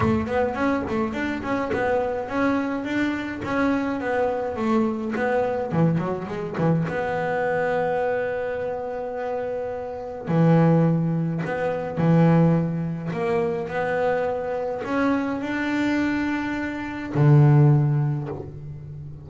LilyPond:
\new Staff \with { instrumentName = "double bass" } { \time 4/4 \tempo 4 = 105 a8 b8 cis'8 a8 d'8 cis'8 b4 | cis'4 d'4 cis'4 b4 | a4 b4 e8 fis8 gis8 e8 | b1~ |
b2 e2 | b4 e2 ais4 | b2 cis'4 d'4~ | d'2 d2 | }